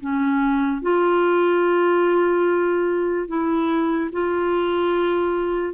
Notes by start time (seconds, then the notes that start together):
0.00 C#4
0.81 F4
3.28 E4
4.12 F4